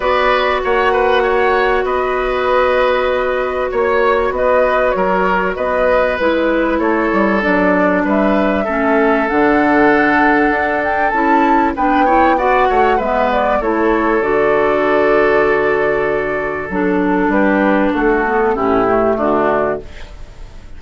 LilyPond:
<<
  \new Staff \with { instrumentName = "flute" } { \time 4/4 \tempo 4 = 97 d''4 fis''2 dis''4~ | dis''2 cis''4 dis''4 | cis''4 dis''4 b'4 cis''4 | d''4 e''2 fis''4~ |
fis''4. g''8 a''4 g''4 | fis''4 e''8 d''8 cis''4 d''4~ | d''2. a'4 | b'4 a'4 g'4 fis'4 | }
  \new Staff \with { instrumentName = "oboe" } { \time 4/4 b'4 cis''8 b'8 cis''4 b'4~ | b'2 cis''4 b'4 | ais'4 b'2 a'4~ | a'4 b'4 a'2~ |
a'2. b'8 cis''8 | d''8 cis''8 b'4 a'2~ | a'1 | g'4 fis'4 e'4 d'4 | }
  \new Staff \with { instrumentName = "clarinet" } { \time 4/4 fis'1~ | fis'1~ | fis'2 e'2 | d'2 cis'4 d'4~ |
d'2 e'4 d'8 e'8 | fis'4 b4 e'4 fis'4~ | fis'2. d'4~ | d'4. b8 cis'8 a4. | }
  \new Staff \with { instrumentName = "bassoon" } { \time 4/4 b4 ais2 b4~ | b2 ais4 b4 | fis4 b4 gis4 a8 g8 | fis4 g4 a4 d4~ |
d4 d'4 cis'4 b4~ | b8 a8 gis4 a4 d4~ | d2. fis4 | g4 a4 a,4 d4 | }
>>